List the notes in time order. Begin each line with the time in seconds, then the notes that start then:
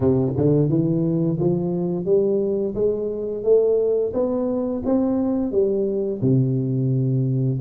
0.00 C3
0.36 D3
0.69 E3
1.39 F3
2.05 G3
2.74 G#3
3.43 A3
4.13 B3
4.85 C4
5.51 G3
6.21 C3